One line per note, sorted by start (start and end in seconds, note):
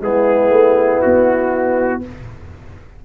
0.00 0.50 G#3
0.00 2.01 B3
0.00 2.03 E4
0.00 1.01 G#4
0.50 1.00 A3
1.01 2.05 B3
1.01 2.01 F#4